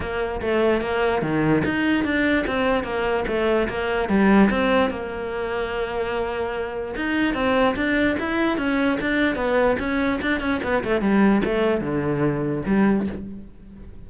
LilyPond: \new Staff \with { instrumentName = "cello" } { \time 4/4 \tempo 4 = 147 ais4 a4 ais4 dis4 | dis'4 d'4 c'4 ais4 | a4 ais4 g4 c'4 | ais1~ |
ais4 dis'4 c'4 d'4 | e'4 cis'4 d'4 b4 | cis'4 d'8 cis'8 b8 a8 g4 | a4 d2 g4 | }